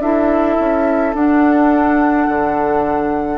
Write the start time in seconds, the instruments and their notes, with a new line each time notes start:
0.00 bassoon D4, clarinet E4, oboe A4, flute E5
0.59 bassoon C#4
1.14 bassoon D4, clarinet D4, flute F#5
2.28 bassoon D3